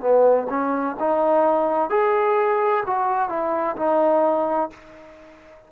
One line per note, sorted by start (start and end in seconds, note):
0.00 0.47 B3
0.49 0.96 C#4
0.99 1.90 D#4
1.90 2.84 G#4
2.86 3.29 F#4
3.29 3.76 E4
3.76 4.70 D#4